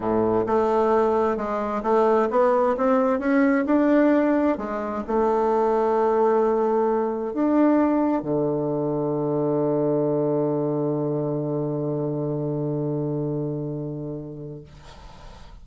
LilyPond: \new Staff \with { instrumentName = "bassoon" } { \time 4/4 \tempo 4 = 131 a,4 a2 gis4 | a4 b4 c'4 cis'4 | d'2 gis4 a4~ | a1 |
d'2 d2~ | d1~ | d1~ | d1 | }